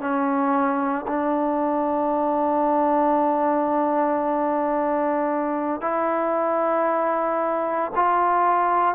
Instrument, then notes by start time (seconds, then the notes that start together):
trombone
0.00 C#4
1.07 D4
5.81 E4
7.95 F4